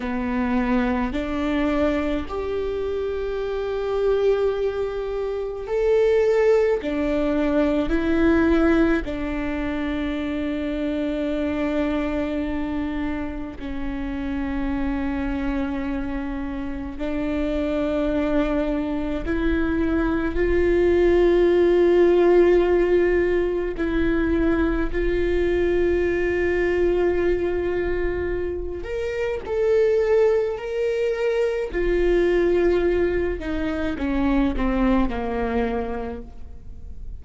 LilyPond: \new Staff \with { instrumentName = "viola" } { \time 4/4 \tempo 4 = 53 b4 d'4 g'2~ | g'4 a'4 d'4 e'4 | d'1 | cis'2. d'4~ |
d'4 e'4 f'2~ | f'4 e'4 f'2~ | f'4. ais'8 a'4 ais'4 | f'4. dis'8 cis'8 c'8 ais4 | }